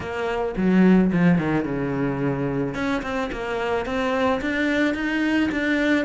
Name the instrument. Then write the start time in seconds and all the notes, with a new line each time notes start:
cello
0.00 A#3
0.56 F#3
1.12 F3
1.38 D#3
1.65 C#3
2.74 C#4
3.02 C4
3.32 A#3
3.85 C4
4.41 D4
4.94 D#4
5.51 D4